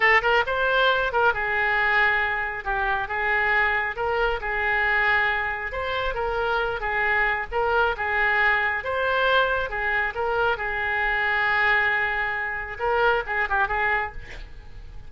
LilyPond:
\new Staff \with { instrumentName = "oboe" } { \time 4/4 \tempo 4 = 136 a'8 ais'8 c''4. ais'8 gis'4~ | gis'2 g'4 gis'4~ | gis'4 ais'4 gis'2~ | gis'4 c''4 ais'4. gis'8~ |
gis'4 ais'4 gis'2 | c''2 gis'4 ais'4 | gis'1~ | gis'4 ais'4 gis'8 g'8 gis'4 | }